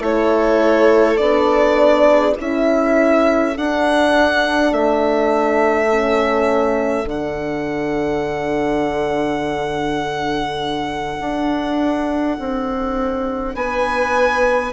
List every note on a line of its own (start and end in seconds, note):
0.00 1.18 A3
0.00 1.18 E4
0.00 2.07 A4
0.00 1.17 C#5
1.17 2.37 B3
1.17 2.37 D4
1.17 2.35 D5
2.10 2.37 G#4
2.37 3.57 C#4
2.37 3.55 E4
2.37 13.55 A4
2.37 3.58 E5
3.57 4.72 D4
3.57 5.90 D4
3.57 4.74 F#5
4.72 7.05 A3
4.72 7.09 E5
5.90 7.06 C#4
7.05 11.16 D3
7.05 14.70 D4
7.05 13.56 F#5
11.20 12.38 D4
12.40 13.55 C4
13.55 14.73 B3
13.55 14.73 B4
13.55 14.73 G#5